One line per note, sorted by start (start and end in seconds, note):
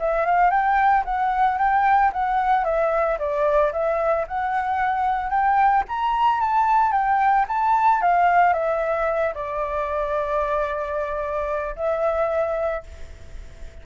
0.00 0.26 E5
0.26 0.51 F5
0.51 1.04 G5
1.05 1.58 F#5
1.58 2.12 G5
2.13 2.65 F#5
2.65 3.18 E5
3.19 3.73 D5
3.73 4.26 E5
4.28 5.30 F#5
5.30 5.84 G5
5.89 6.41 A#5
6.41 6.92 A5
6.92 7.46 G5
7.49 8.02 A5
8.02 8.53 F5
8.53 9.34 E5
9.35 11.76 D5
11.76 12.83 E5